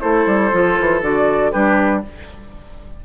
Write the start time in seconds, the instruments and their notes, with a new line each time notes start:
0.00 bassoon A3, clarinet E4, oboe A4, flute C5
0.26 bassoon G3
0.51 bassoon F3, clarinet F4
0.80 bassoon E3
1.02 bassoon D3, clarinet F#4, flute D5
1.51 bassoon G3, clarinet D4, oboe G4, flute B4